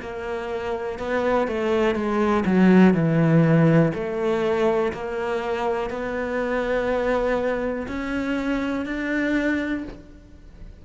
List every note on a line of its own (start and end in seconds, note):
0.00 0.98 A#3
0.98 1.48 B3
1.48 1.94 A3
1.94 2.44 G#3
2.45 2.94 F#3
2.94 3.92 E3
3.94 4.92 A3
4.92 5.90 A#3
5.90 7.86 B3
7.87 8.85 C#4
8.85 9.84 D4